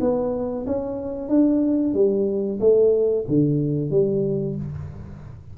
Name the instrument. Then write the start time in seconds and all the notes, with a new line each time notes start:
tuba
0.00 B3
0.66 C#4
1.29 D4
1.94 G3
2.60 A3
3.28 D3
3.90 G3